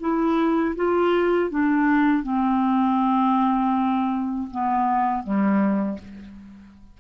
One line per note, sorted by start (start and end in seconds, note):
0.00 0.75 E4
0.76 1.50 F4
1.50 2.23 D4
2.23 4.48 C4
4.51 5.23 B3
5.23 5.98 G3